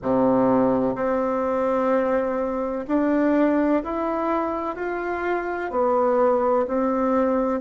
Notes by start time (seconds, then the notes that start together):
0.02 C3
0.95 C4
2.87 D4
3.83 E4
4.75 F4
5.71 B3
6.67 C4